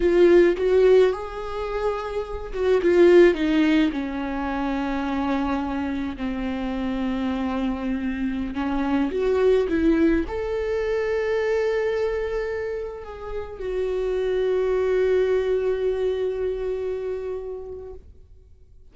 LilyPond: \new Staff \with { instrumentName = "viola" } { \time 4/4 \tempo 4 = 107 f'4 fis'4 gis'2~ | gis'8 fis'8 f'4 dis'4 cis'4~ | cis'2. c'4~ | c'2.~ c'16 cis'8.~ |
cis'16 fis'4 e'4 a'4.~ a'16~ | a'2.~ a'16 gis'8.~ | gis'16 fis'2.~ fis'8.~ | fis'1 | }